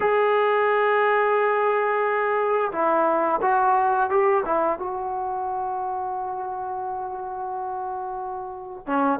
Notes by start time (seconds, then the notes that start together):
0.00 G#4
2.72 E4
3.41 F#4
4.10 G4
4.45 E4
4.78 F#4
8.86 C#4